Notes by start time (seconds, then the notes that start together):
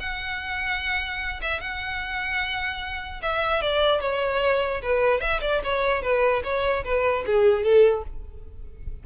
0.00 F#5
1.42 E5
1.60 F#5
3.23 E5
3.62 D5
4.01 C#5
4.82 B4
5.21 E5
5.41 D5
5.64 C#5
6.03 B4
6.44 C#5
6.85 B4
7.27 G#4
7.64 A4